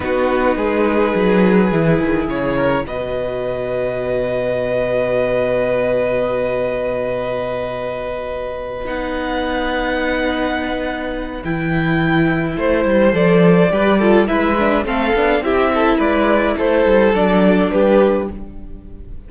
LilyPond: <<
  \new Staff \with { instrumentName = "violin" } { \time 4/4 \tempo 4 = 105 b'1 | cis''4 dis''2.~ | dis''1~ | dis''2.~ dis''8 fis''8~ |
fis''1 | g''2 c''4 d''4~ | d''4 e''4 f''4 e''4 | d''4 c''4 d''4 b'4 | }
  \new Staff \with { instrumentName = "violin" } { \time 4/4 fis'4 gis'2.~ | gis'8 ais'8 b'2.~ | b'1~ | b'1~ |
b'1~ | b'2 c''2 | b'8 a'8 b'4 a'4 g'8 a'8 | b'4 a'2 g'4 | }
  \new Staff \with { instrumentName = "viola" } { \time 4/4 dis'2. e'4~ | e'4 fis'2.~ | fis'1~ | fis'2.~ fis'8 dis'8~ |
dis'1 | e'2. a'4 | g'8 f'8 e'8 d'8 c'8 d'8 e'4~ | e'2 d'2 | }
  \new Staff \with { instrumentName = "cello" } { \time 4/4 b4 gis4 fis4 e8 dis8 | cis4 b,2.~ | b,1~ | b,2.~ b,8 b8~ |
b1 | e2 a8 g8 f4 | g4 gis4 a8 b8 c'4 | gis4 a8 g8 fis4 g4 | }
>>